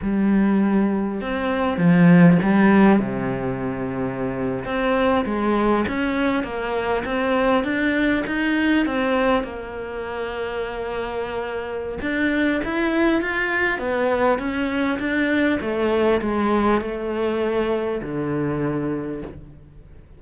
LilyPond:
\new Staff \with { instrumentName = "cello" } { \time 4/4 \tempo 4 = 100 g2 c'4 f4 | g4 c2~ c8. c'16~ | c'8. gis4 cis'4 ais4 c'16~ | c'8. d'4 dis'4 c'4 ais16~ |
ais1 | d'4 e'4 f'4 b4 | cis'4 d'4 a4 gis4 | a2 d2 | }